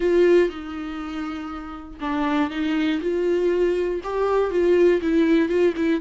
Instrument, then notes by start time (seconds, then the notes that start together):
viola
0.00 F4
0.49 D#4
2.00 D4
2.50 D#4
3.01 F4
4.03 G4
4.50 F4
5.01 E4
5.49 F4
5.76 E4